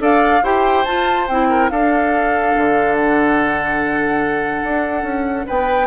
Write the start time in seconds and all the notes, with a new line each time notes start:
0.00 D4 A4 D5 F5
0.43 E4 G4 C5 G5
0.85 F4 A5
1.28 C4 E4 G5
1.50 A#4
1.70 D4 A4 F5
2.57 D3
2.96 F#5
4.63 D4
5.03 C#4
5.47 B3 B4 G5